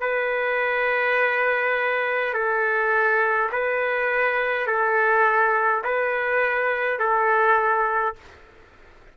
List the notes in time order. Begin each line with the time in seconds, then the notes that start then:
0.00 B4
2.33 A4
3.52 B4
4.67 A4
5.83 B4
6.99 A4